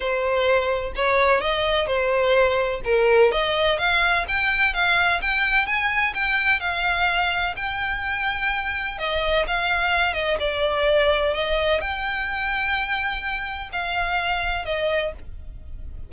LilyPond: \new Staff \with { instrumentName = "violin" } { \time 4/4 \tempo 4 = 127 c''2 cis''4 dis''4 | c''2 ais'4 dis''4 | f''4 g''4 f''4 g''4 | gis''4 g''4 f''2 |
g''2. dis''4 | f''4. dis''8 d''2 | dis''4 g''2.~ | g''4 f''2 dis''4 | }